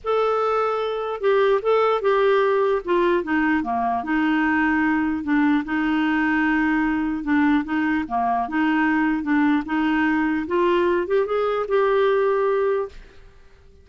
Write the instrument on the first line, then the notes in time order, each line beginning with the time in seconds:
clarinet
0.04 A4
1.20 G4
1.62 A4
2.01 G4
2.84 F4
3.23 D#4
3.63 A#3
4.03 D#4
5.23 D4
5.65 D#4
7.23 D4
7.64 D#4
8.08 A#3
8.48 D#4
9.23 D4
9.65 D#4
10.47 F4
11.07 G4
11.25 G#4
11.67 G4